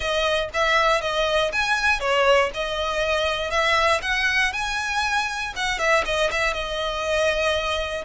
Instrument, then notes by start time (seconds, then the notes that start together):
violin
0.00 D#5
0.53 E5
1.01 D#5
1.52 G#5
2.00 C#5
2.54 D#5
3.50 E5
4.02 F#5
4.52 G#5
5.56 F#5
5.78 E5
6.05 D#5
6.31 E5
6.53 D#5